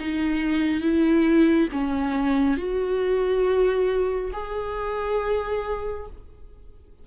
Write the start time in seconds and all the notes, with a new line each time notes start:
0.00 D#4
0.82 E4
1.72 C#4
2.58 F#4
4.33 G#4